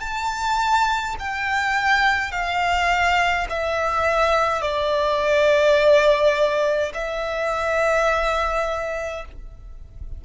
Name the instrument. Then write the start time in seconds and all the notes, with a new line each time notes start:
violin
0.00 A5
1.19 G5
2.31 F5
3.50 E5
4.62 D5
6.94 E5